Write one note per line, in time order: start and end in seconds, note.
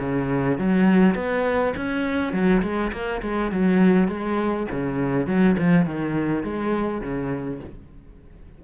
0.00 0.59 C#3
0.59 1.15 F#3
1.15 1.74 B3
1.77 2.33 C#4
2.33 2.62 F#3
2.63 2.92 G#3
2.93 3.22 A#3
3.22 3.52 G#3
3.52 4.08 F#3
4.08 4.67 G#3
4.72 5.27 C#3
5.27 5.57 F#3
5.58 5.86 F3
5.86 6.44 D#3
6.44 7.02 G#3
7.02 7.60 C#3